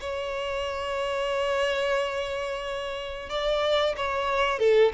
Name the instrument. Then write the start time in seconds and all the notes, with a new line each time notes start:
violin
0.00 C#5
3.29 D5
3.96 C#5
4.59 A4